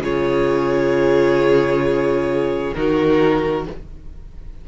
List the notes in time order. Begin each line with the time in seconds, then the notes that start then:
0.00 C#3 F4 G#4 C#5
2.74 D#3 D#4 F#4 A#4